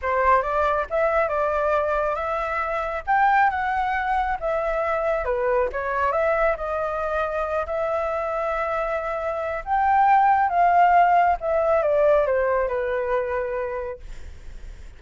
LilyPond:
\new Staff \with { instrumentName = "flute" } { \time 4/4 \tempo 4 = 137 c''4 d''4 e''4 d''4~ | d''4 e''2 g''4 | fis''2 e''2 | b'4 cis''4 e''4 dis''4~ |
dis''4. e''2~ e''8~ | e''2 g''2 | f''2 e''4 d''4 | c''4 b'2. | }